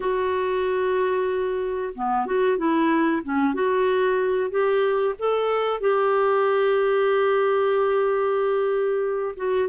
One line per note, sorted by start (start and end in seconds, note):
0.00 1.93 F#4
1.94 2.26 B3
2.26 2.57 F#4
2.57 3.22 E4
3.23 3.54 C#4
3.54 4.50 F#4
4.50 5.14 G4
5.18 5.80 A4
5.80 9.35 G4
9.36 9.68 F#4